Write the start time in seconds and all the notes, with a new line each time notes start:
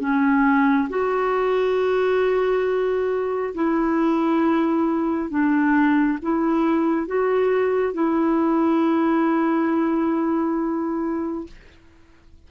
0.00 C#4
0.89 F#4
3.54 E4
5.30 D4
6.22 E4
7.07 F#4
7.94 E4